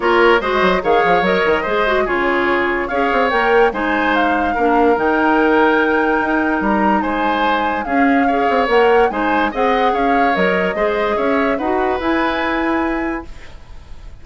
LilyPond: <<
  \new Staff \with { instrumentName = "flute" } { \time 4/4 \tempo 4 = 145 cis''4 dis''4 f''4 dis''4~ | dis''4 cis''2 f''4 | g''4 gis''4 f''2 | g''1 |
ais''4 gis''2 f''4~ | f''4 fis''4 gis''4 fis''4 | f''4 dis''2 e''4 | fis''4 gis''2. | }
  \new Staff \with { instrumentName = "oboe" } { \time 4/4 ais'4 c''4 cis''2 | c''4 gis'2 cis''4~ | cis''4 c''2 ais'4~ | ais'1~ |
ais'4 c''2 gis'4 | cis''2 c''4 dis''4 | cis''2 c''4 cis''4 | b'1 | }
  \new Staff \with { instrumentName = "clarinet" } { \time 4/4 f'4 fis'4 gis'4 ais'4 | gis'8 fis'8 f'2 gis'4 | ais'4 dis'2 d'4 | dis'1~ |
dis'2. cis'4 | gis'4 ais'4 dis'4 gis'4~ | gis'4 ais'4 gis'2 | fis'4 e'2. | }
  \new Staff \with { instrumentName = "bassoon" } { \time 4/4 ais4 gis8 fis8 dis8 f8 fis8 dis8 | gis4 cis2 cis'8 c'8 | ais4 gis2 ais4 | dis2. dis'4 |
g4 gis2 cis'4~ | cis'8 c'8 ais4 gis4 c'4 | cis'4 fis4 gis4 cis'4 | dis'4 e'2. | }
>>